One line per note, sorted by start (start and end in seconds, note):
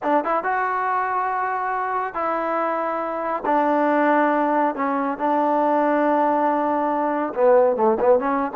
0.02 0.24 D4
0.24 0.43 E4
0.43 2.14 F#4
2.14 3.43 E4
3.45 4.75 D4
4.75 5.17 C#4
5.17 7.33 D4
7.34 7.76 B3
7.76 7.97 A3
8.00 8.19 B3
8.19 8.51 C#4